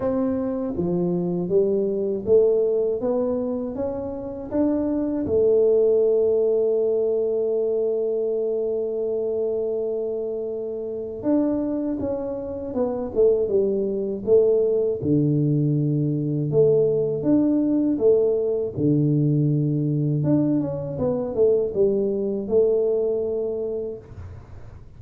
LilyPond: \new Staff \with { instrumentName = "tuba" } { \time 4/4 \tempo 4 = 80 c'4 f4 g4 a4 | b4 cis'4 d'4 a4~ | a1~ | a2. d'4 |
cis'4 b8 a8 g4 a4 | d2 a4 d'4 | a4 d2 d'8 cis'8 | b8 a8 g4 a2 | }